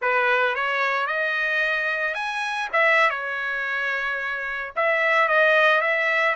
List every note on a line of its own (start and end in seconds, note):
0.01 0.55 B4
0.55 1.07 C#5
1.07 2.14 D#5
2.14 2.68 G#5
2.72 3.10 E5
3.10 4.72 C#5
4.76 5.28 E5
5.28 5.81 D#5
5.81 6.35 E5